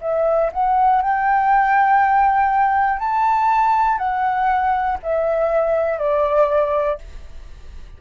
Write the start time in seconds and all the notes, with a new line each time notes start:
0.00 E5
0.52 F#5
1.01 G5
2.99 A5
3.98 F#5
5.03 E5
5.98 D5